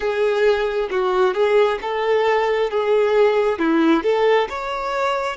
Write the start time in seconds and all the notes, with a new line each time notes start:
0.00 G#4
0.90 F#4
1.34 G#4
1.81 A4
2.70 G#4
3.59 E4
4.03 A4
4.49 C#5